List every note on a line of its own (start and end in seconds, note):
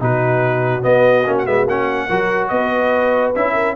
0.00 0.83 B2
0.00 0.81 D#4
0.00 2.07 F#4
0.00 0.83 B4
0.81 1.23 B3
0.81 1.26 B3
0.81 1.35 D#5
1.26 1.46 A#3
1.26 1.46 C#4
1.38 1.46 F#5
1.46 1.66 G#3
1.46 1.67 B3
1.46 1.67 E5
1.66 2.07 A#3
1.66 2.09 C#4
1.66 2.48 F#5
2.07 2.50 F#3
2.07 3.34 F#4
2.07 2.49 A#4
2.48 3.34 B3
2.48 3.53 B4
2.48 3.31 D#5
3.35 3.75 C#4
3.35 3.75 E4
3.35 3.75 E5
3.53 3.73 A#4